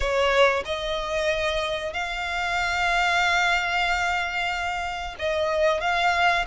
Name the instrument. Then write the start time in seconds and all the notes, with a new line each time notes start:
violin
0.00 C#5
0.65 D#5
1.93 F5
5.18 D#5
5.80 F5